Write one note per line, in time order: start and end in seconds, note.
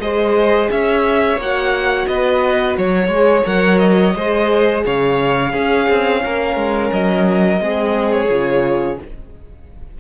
0.00 0.69 G#3
0.00 1.40 G#4
0.00 0.71 C5
0.00 0.70 D#5
0.71 1.37 C#4
0.71 2.09 C#5
0.71 1.40 E5
1.37 2.06 A#3
1.37 3.11 F#4
1.37 2.07 F#5
2.07 2.77 B3
2.07 2.78 B4
2.07 2.76 D#5
2.78 3.08 F#3
2.78 3.47 C#5
2.78 4.16 C#5
3.08 3.42 G#3
3.08 3.45 G#4
3.45 4.15 F#3
3.45 4.14 A#4
3.45 3.78 F#5
3.78 4.82 D#5
4.16 4.85 G#3
4.16 5.54 G#4
4.16 4.85 C5
4.85 5.53 C#3
4.85 5.52 C#5
4.85 6.93 F5
5.52 5.88 C#4
5.52 7.59 C#4
5.52 6.21 G#4
5.89 6.24 C4
6.25 6.56 A#3
6.25 7.62 A#4
6.56 6.91 G#3
6.93 7.60 F#3
6.93 8.12 D#5
7.59 8.29 G#3
7.59 8.28 C4
7.59 9.00 G#4
8.12 8.98 C#5
8.30 8.99 C#3
8.30 8.99 F4